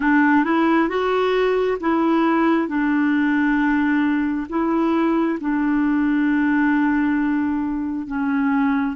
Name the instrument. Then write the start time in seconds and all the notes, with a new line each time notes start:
clarinet
0.00 D4
0.44 E4
0.88 F#4
1.80 E4
2.68 D4
4.49 E4
5.40 D4
8.06 C#4